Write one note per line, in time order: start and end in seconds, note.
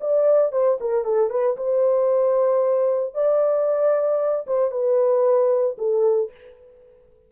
0.00 0.52 D5
0.52 0.78 C5
0.80 1.04 A#4
1.04 1.30 A4
1.30 1.56 B4
1.57 3.14 C5
3.14 4.46 D5
4.47 4.71 C5
4.71 5.76 B4
5.78 6.31 A4